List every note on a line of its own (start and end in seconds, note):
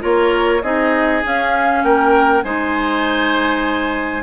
0.00 0.62 A#3
0.00 0.60 F4
0.00 0.61 A#4
0.00 0.62 C#5
0.62 1.22 C4
0.62 1.23 D#4
0.62 1.83 G#4
0.62 1.22 D#5
1.23 2.43 C#4
1.23 1.83 C#4
1.23 1.83 F5
1.83 2.43 A#3
1.83 2.44 A#4
1.83 2.43 G5
2.43 4.22 G#3
2.43 4.22 D#4
2.43 4.22 C5
2.43 4.22 G#5